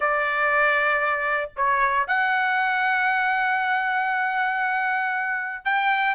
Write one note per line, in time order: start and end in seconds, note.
0.00 1.50 D5
1.56 2.07 C#5
2.07 5.65 F#5
5.65 6.15 G5